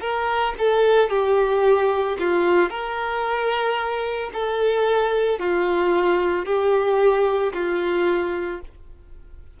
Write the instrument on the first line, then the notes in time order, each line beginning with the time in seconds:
violin
0.00 A#4
0.58 A4
1.09 G4
2.19 F4
2.69 A#4
4.33 A4
5.39 F4
6.45 G4
7.53 F4